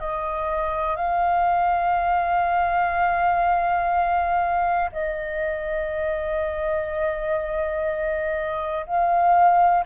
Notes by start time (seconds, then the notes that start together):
0.00 D#5
0.97 F5
4.93 D#5
8.87 F5